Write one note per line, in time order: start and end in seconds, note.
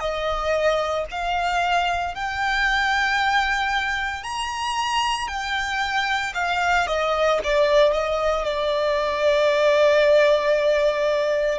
0.00 1.05 D#5
1.11 2.15 F5
2.15 4.24 G5
4.24 5.28 A#5
5.28 6.33 G5
6.34 6.87 F5
6.87 7.40 D#5
7.44 7.93 D5
7.93 8.45 D#5
8.45 11.59 D5